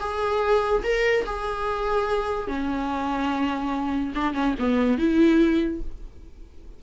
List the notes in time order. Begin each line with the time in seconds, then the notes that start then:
0.00 G#4
0.83 A#4
1.25 G#4
2.47 C#4
4.14 D4
4.34 C#4
4.58 B3
4.98 E4